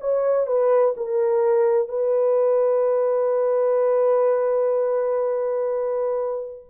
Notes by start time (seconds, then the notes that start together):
0.00 C#5
0.46 B4
0.96 A#4
1.88 B4